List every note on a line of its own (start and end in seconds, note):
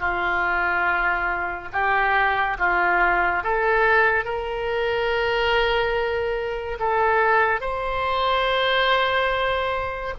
0.00 1.69 F4
1.73 2.58 G4
2.59 3.44 F4
3.44 4.25 A4
4.25 6.79 A#4
6.80 7.61 A4
7.61 10.15 C5